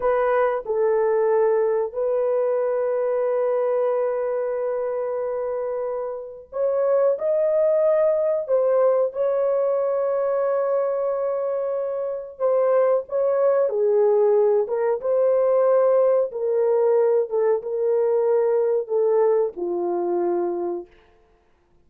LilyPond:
\new Staff \with { instrumentName = "horn" } { \time 4/4 \tempo 4 = 92 b'4 a'2 b'4~ | b'1~ | b'2 cis''4 dis''4~ | dis''4 c''4 cis''2~ |
cis''2. c''4 | cis''4 gis'4. ais'8 c''4~ | c''4 ais'4. a'8 ais'4~ | ais'4 a'4 f'2 | }